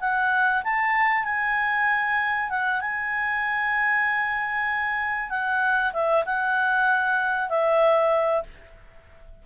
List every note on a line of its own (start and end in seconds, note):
0.00 0.62 F#5
0.64 1.25 A5
1.25 2.50 G#5
2.50 2.81 F#5
2.81 5.30 G#5
5.30 5.92 F#5
5.93 6.24 E5
6.25 7.49 F#5
7.49 8.43 E5